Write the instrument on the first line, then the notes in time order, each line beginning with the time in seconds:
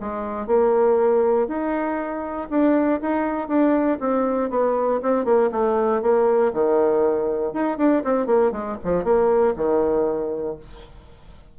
bassoon
0.00 G#3
0.47 A#3
1.48 D#4
2.50 D4
3.01 D#4
3.48 D4
4.00 C4
4.50 B3
5.02 C4
5.25 A#3
5.51 A3
6.02 A#3
6.53 D#3
7.53 D#4
7.77 D4
8.04 C4
8.26 A#3
8.51 G#3
8.84 F3
9.04 A#3
9.56 D#3